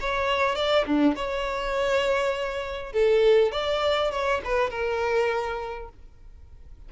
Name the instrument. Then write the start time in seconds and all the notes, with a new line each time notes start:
violin
0.00 C#5
0.55 D5
0.85 D4
1.15 C#5
2.92 A4
3.52 D5
4.11 C#5
4.44 B4
4.70 A#4